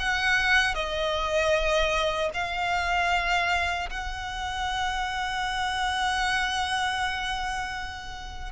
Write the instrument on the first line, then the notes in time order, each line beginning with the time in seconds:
violin
0.00 F#5
0.75 D#5
2.34 F5
3.90 F#5